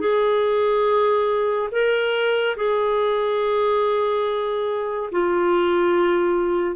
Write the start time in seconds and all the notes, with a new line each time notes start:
0.00 G#4
1.71 A#4
2.56 G#4
5.12 F4